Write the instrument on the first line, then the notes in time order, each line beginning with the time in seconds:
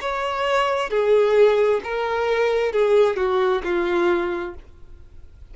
violin
0.00 C#5
0.90 G#4
1.83 A#4
2.72 G#4
3.17 F#4
3.63 F4